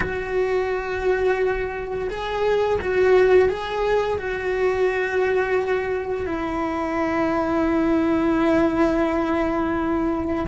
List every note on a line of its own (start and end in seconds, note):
0.00 2.08 F#4
2.09 2.79 G#4
2.81 3.48 F#4
3.48 4.18 G#4
4.18 6.26 F#4
6.26 10.45 E4